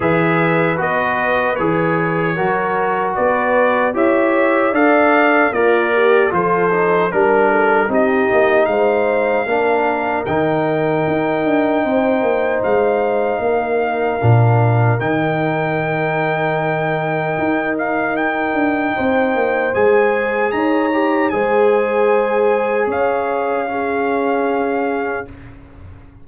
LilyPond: <<
  \new Staff \with { instrumentName = "trumpet" } { \time 4/4 \tempo 4 = 76 e''4 dis''4 cis''2 | d''4 e''4 f''4 d''4 | c''4 ais'4 dis''4 f''4~ | f''4 g''2. |
f''2. g''4~ | g''2~ g''8 f''8 g''4~ | g''4 gis''4 ais''4 gis''4~ | gis''4 f''2. | }
  \new Staff \with { instrumentName = "horn" } { \time 4/4 b'2. ais'4 | b'4 cis''4 d''4 f'8 g'8 | a'4 ais'8 a'8 g'4 c''4 | ais'2. c''4~ |
c''4 ais'2.~ | ais'1 | c''2 cis''4 c''4~ | c''4 cis''4 gis'2 | }
  \new Staff \with { instrumentName = "trombone" } { \time 4/4 gis'4 fis'4 gis'4 fis'4~ | fis'4 g'4 a'4 ais'4 | f'8 dis'8 d'4 dis'2 | d'4 dis'2.~ |
dis'2 d'4 dis'4~ | dis'1~ | dis'4 gis'4. g'8 gis'4~ | gis'2 cis'2 | }
  \new Staff \with { instrumentName = "tuba" } { \time 4/4 e4 b4 e4 fis4 | b4 e'4 d'4 ais4 | f4 g4 c'8 ais8 gis4 | ais4 dis4 dis'8 d'8 c'8 ais8 |
gis4 ais4 ais,4 dis4~ | dis2 dis'4. d'8 | c'8 ais8 gis4 dis'4 gis4~ | gis4 cis'2. | }
>>